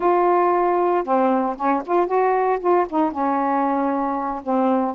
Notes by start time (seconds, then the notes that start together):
0.00 F4
1.04 C4
1.56 C#4
1.85 F4
2.07 F#4
2.60 F4
2.89 D#4
3.11 C#4
4.43 C4